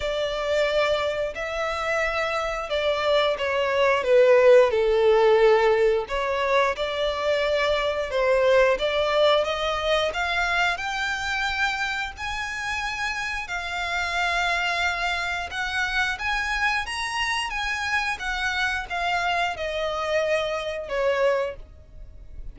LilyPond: \new Staff \with { instrumentName = "violin" } { \time 4/4 \tempo 4 = 89 d''2 e''2 | d''4 cis''4 b'4 a'4~ | a'4 cis''4 d''2 | c''4 d''4 dis''4 f''4 |
g''2 gis''2 | f''2. fis''4 | gis''4 ais''4 gis''4 fis''4 | f''4 dis''2 cis''4 | }